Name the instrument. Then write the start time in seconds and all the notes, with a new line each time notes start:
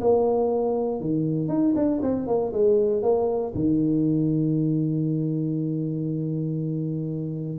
tuba
0.00 A#3
1.00 D#3
1.48 D#4
1.75 D4
2.02 C4
2.27 A#3
2.53 G#3
3.02 A#3
3.55 D#3